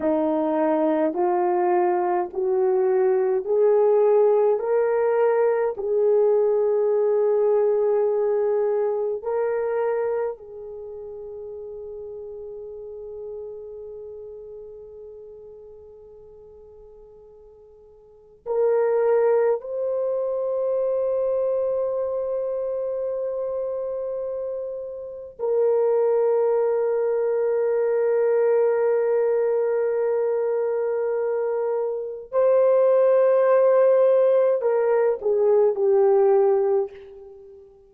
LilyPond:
\new Staff \with { instrumentName = "horn" } { \time 4/4 \tempo 4 = 52 dis'4 f'4 fis'4 gis'4 | ais'4 gis'2. | ais'4 gis'2.~ | gis'1 |
ais'4 c''2.~ | c''2 ais'2~ | ais'1 | c''2 ais'8 gis'8 g'4 | }